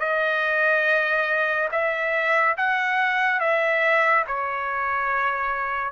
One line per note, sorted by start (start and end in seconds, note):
0.00 1.69 D#5
1.72 2.56 E5
2.57 3.40 F#5
3.40 4.25 E5
4.28 5.92 C#5